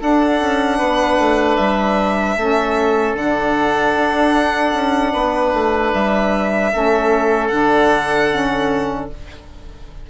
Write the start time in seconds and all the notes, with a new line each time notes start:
0.00 D4 A4 F#5
0.41 C#4
0.78 B3 B4
1.19 A3
1.57 G3 E5
2.37 A3 C#4 A4
3.14 D3 D4 F#5
3.96 D4
4.74 C#4
5.13 B3 B4
5.53 A3
5.94 G3 E5
6.72 A3 C#4 A4
7.48 D3 D4 F#5
8.31 C#4